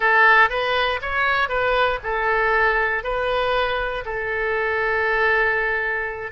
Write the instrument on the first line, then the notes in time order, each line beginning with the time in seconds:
oboe
0.00 A4
0.49 B4
1.01 C#5
1.48 B4
2.03 A4
3.03 B4
4.05 A4